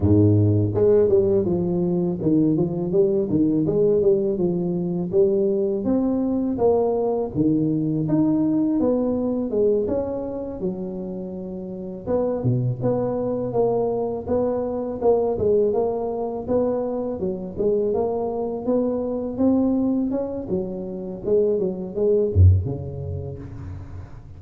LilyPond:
\new Staff \with { instrumentName = "tuba" } { \time 4/4 \tempo 4 = 82 gis,4 gis8 g8 f4 dis8 f8 | g8 dis8 gis8 g8 f4 g4 | c'4 ais4 dis4 dis'4 | b4 gis8 cis'4 fis4.~ |
fis8 b8 b,8 b4 ais4 b8~ | b8 ais8 gis8 ais4 b4 fis8 | gis8 ais4 b4 c'4 cis'8 | fis4 gis8 fis8 gis8 fis,8 cis4 | }